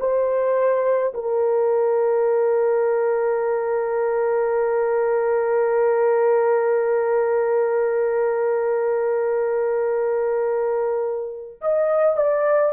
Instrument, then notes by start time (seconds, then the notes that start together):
horn
0.00 C5
1.14 A#4
11.61 D#5
12.16 D5